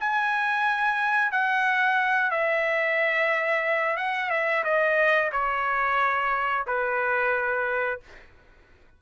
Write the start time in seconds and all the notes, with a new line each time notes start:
0.00 G#5
1.32 F#5
2.31 E5
3.97 F#5
4.30 E5
4.64 D#5
5.32 C#5
6.67 B4